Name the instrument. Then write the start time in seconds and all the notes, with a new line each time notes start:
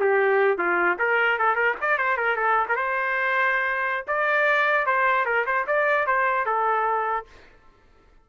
trumpet
0.00 G4
0.58 F4
0.99 A#4
1.39 A4
1.56 A#4
1.81 D5
1.98 C5
2.17 A#4
2.37 A4
2.69 A#4
2.76 C5
4.08 D5
4.87 C5
5.26 A#4
5.47 C5
5.67 D5
6.07 C5
6.46 A4